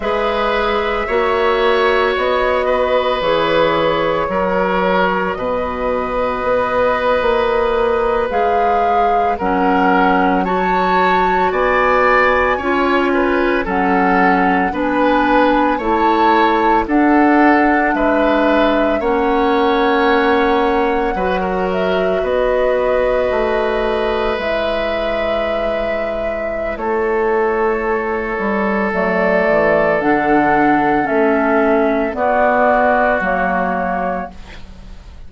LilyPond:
<<
  \new Staff \with { instrumentName = "flute" } { \time 4/4 \tempo 4 = 56 e''2 dis''4 cis''4~ | cis''4 dis''2~ dis''8. f''16~ | f''8. fis''4 a''4 gis''4~ gis''16~ | gis''8. fis''4 gis''4 a''4 fis''16~ |
fis''8. e''4 fis''2~ fis''16~ | fis''16 e''8 dis''2 e''4~ e''16~ | e''4 cis''2 d''4 | fis''4 e''4 d''4 cis''4 | }
  \new Staff \with { instrumentName = "oboe" } { \time 4/4 b'4 cis''4. b'4. | ais'4 b'2.~ | b'8. ais'4 cis''4 d''4 cis''16~ | cis''16 b'8 a'4 b'4 cis''4 a'16~ |
a'8. b'4 cis''2 b'16 | ais'8. b'2.~ b'16~ | b'4 a'2.~ | a'2 fis'2 | }
  \new Staff \with { instrumentName = "clarinet" } { \time 4/4 gis'4 fis'2 gis'4 | fis'2.~ fis'8. gis'16~ | gis'8. cis'4 fis'2 f'16~ | f'8. cis'4 d'4 e'4 d'16~ |
d'4.~ d'16 cis'2 fis'16~ | fis'2~ fis'8. e'4~ e'16~ | e'2. a4 | d'4 cis'4 b4 ais4 | }
  \new Staff \with { instrumentName = "bassoon" } { \time 4/4 gis4 ais4 b4 e4 | fis4 b,4 b8. ais4 gis16~ | gis8. fis2 b4 cis'16~ | cis'8. fis4 b4 a4 d'16~ |
d'8. gis4 ais2 fis16~ | fis8. b4 a4 gis4~ gis16~ | gis4 a4. g8 fis8 e8 | d4 a4 b4 fis4 | }
>>